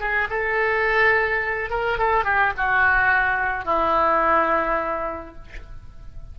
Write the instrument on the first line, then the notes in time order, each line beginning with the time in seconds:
oboe
0.00 G#4
0.30 A4
1.70 A#4
1.98 A4
2.24 G4
2.57 F#4
3.65 E4